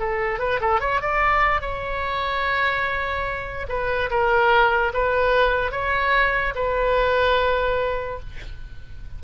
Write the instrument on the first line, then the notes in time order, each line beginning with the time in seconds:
oboe
0.00 A4
0.40 B4
0.61 A4
0.81 C#5
1.02 D5
1.61 C#5
3.69 B4
4.11 A#4
4.94 B4
5.72 C#5
6.55 B4